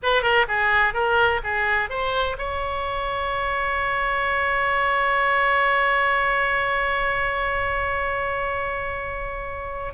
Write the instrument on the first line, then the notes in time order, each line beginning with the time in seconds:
oboe
0.03 B4
0.22 A#4
0.48 G#4
0.93 A#4
1.43 G#4
1.89 C5
2.38 C#5